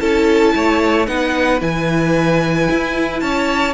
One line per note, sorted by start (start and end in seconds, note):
0.00 0.54 C#4
0.00 1.07 E4
0.00 0.55 A4
0.00 1.07 A5
0.55 1.08 A3
0.55 1.08 C#5
1.07 1.61 B3
1.07 1.60 D#4
1.07 3.23 B4
1.07 1.60 F#5
1.60 2.69 E3
1.60 3.74 E4
1.60 3.20 G#5
2.70 3.22 E4
3.20 3.74 C#4
3.20 3.74 C#5
3.20 3.74 A5